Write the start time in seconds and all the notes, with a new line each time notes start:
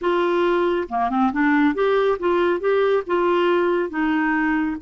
0.01 F4
0.88 A#3
1.09 C4
1.32 D4
1.74 G4
2.19 F4
2.59 G4
3.06 F4
3.89 D#4